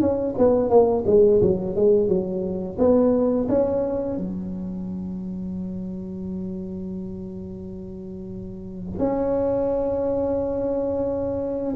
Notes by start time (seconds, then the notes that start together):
0.00 C#4
0.38 B3
0.69 A#3
1.06 G#3
1.41 F#3
1.76 G#3
2.08 F#3
2.78 B3
3.49 C#4
4.17 F#3
8.98 C#4